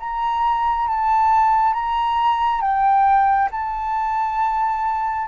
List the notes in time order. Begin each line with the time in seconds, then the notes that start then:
0.00 A#5
0.88 A5
1.74 A#5
2.61 G5
3.51 A5